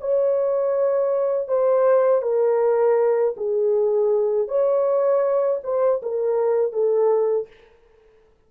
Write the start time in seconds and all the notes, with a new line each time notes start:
0.00 C#5
1.48 C5
2.22 A#4
3.36 G#4
4.48 C#5
5.63 C5
6.02 A#4
6.72 A4